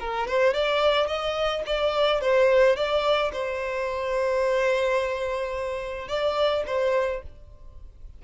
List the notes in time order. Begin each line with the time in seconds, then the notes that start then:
0.00 A#4
0.27 C5
0.54 D5
1.07 D#5
1.66 D5
2.21 C5
2.76 D5
3.33 C5
6.08 D5
6.67 C5